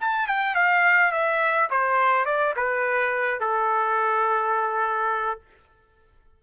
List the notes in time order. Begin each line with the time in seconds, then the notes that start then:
0.00 A5
0.27 G5
0.55 F5
1.12 E5
1.70 C5
2.25 D5
2.56 B4
3.40 A4